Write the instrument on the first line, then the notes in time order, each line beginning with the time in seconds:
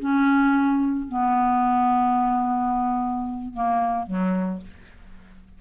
clarinet
0.00 C#4
1.09 B3
3.54 A#3
4.07 F#3